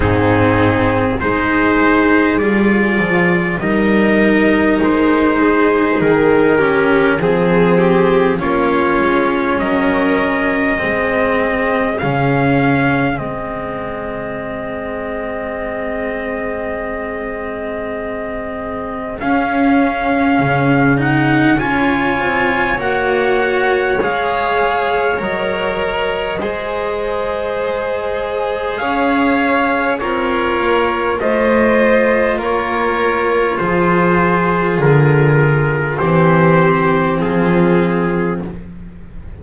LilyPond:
<<
  \new Staff \with { instrumentName = "trumpet" } { \time 4/4 \tempo 4 = 50 gis'4 c''4 d''4 dis''4 | c''4 ais'4 gis'4 cis''4 | dis''2 f''4 dis''4~ | dis''1 |
f''4. fis''8 gis''4 fis''4 | f''4 dis''2. | f''4 cis''4 dis''4 cis''4 | c''4 ais'4 c''4 gis'4 | }
  \new Staff \with { instrumentName = "violin" } { \time 4/4 dis'4 gis'2 ais'4~ | ais'8 gis'4 g'8 gis'8 g'8 f'4 | ais'4 gis'2.~ | gis'1~ |
gis'2 cis''2~ | cis''2 c''2 | cis''4 f'4 c''4 ais'4 | gis'2 g'4 f'4 | }
  \new Staff \with { instrumentName = "cello" } { \time 4/4 c'4 dis'4 f'4 dis'4~ | dis'4. cis'8 c'4 cis'4~ | cis'4 c'4 cis'4 c'4~ | c'1 |
cis'4. dis'8 f'4 fis'4 | gis'4 ais'4 gis'2~ | gis'4 ais'4 f'2~ | f'2 c'2 | }
  \new Staff \with { instrumentName = "double bass" } { \time 4/4 gis,4 gis4 g8 f8 g4 | gis4 dis4 f4 ais8 gis8 | fis4 gis4 cis4 gis4~ | gis1 |
cis'4 cis4 cis'8 c'8 ais4 | gis4 fis4 gis2 | cis'4 c'8 ais8 a4 ais4 | f4 d4 e4 f4 | }
>>